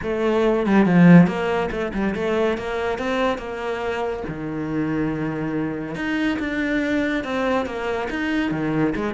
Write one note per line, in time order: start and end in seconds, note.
0.02 0.66 A3
0.66 0.85 G3
0.85 1.27 F3
1.27 1.69 A#3
1.71 1.92 A3
1.93 2.14 G3
2.15 2.57 A3
2.57 2.98 A#3
2.98 3.38 C4
3.38 4.23 A#3
4.28 5.95 D#3
5.95 6.38 D#4
6.39 7.24 D4
7.24 7.66 C4
7.66 8.08 A#3
8.10 8.51 D#4
8.51 8.94 D#3
8.95 9.14 G#3